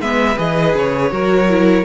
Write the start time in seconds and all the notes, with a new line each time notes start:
0.00 G#3 B3 B4 E5
0.37 E3 G#4 D#5
0.75 C#3 C#5
1.11 F#3 F#4 A#4
1.49 E4